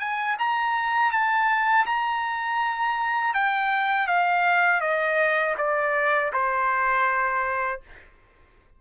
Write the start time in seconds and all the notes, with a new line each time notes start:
0.00 G#5
0.39 A#5
1.12 A5
1.87 A#5
3.34 G5
4.07 F5
4.81 D#5
5.58 D5
6.33 C5